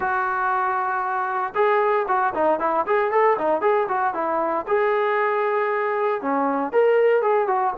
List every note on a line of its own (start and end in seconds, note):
0.00 1.53 F#4
1.54 2.06 G#4
2.07 2.33 F#4
2.34 2.59 D#4
2.59 2.85 E4
2.86 3.11 G#4
3.11 3.37 A4
3.38 3.61 D#4
3.61 3.87 G#4
3.88 4.14 F#4
4.14 4.66 E4
4.67 6.21 G#4
6.21 6.72 C#4
6.72 7.22 A#4
7.22 7.47 G#4
7.47 7.73 F#4